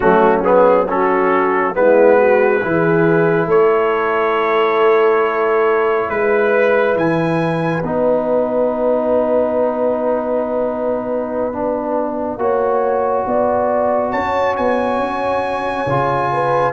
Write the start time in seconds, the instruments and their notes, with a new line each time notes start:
0.00 tuba F#3, trombone A3, horn C#4, trumpet F#4
0.43 trombone B3, trumpet G#4
0.87 trombone C#4, horn F#4, trumpet A4
1.73 tuba G#3, trombone B3, horn E4, trumpet B4
2.17 horn F#4
2.61 tuba E3, trombone E4, horn G#4
3.46 tuba A3, horn A4, trumpet C#5
6.09 tuba G#3, trumpet B4, horn B4
6.95 tuba E3, trumpet G#5
7.82 tuba B3, trombone D#4, trumpet F#5
11.52 trombone D4
12.37 tuba A#3, trombone F#4, horn C#5
13.26 tuba B3, horn D5
14.11 tuba C#4, horn C#5, trumpet A5
14.56 tuba B3, trumpet G#5
14.99 tuba C#4
15.86 tuba C#3, trombone F4
16.32 horn B4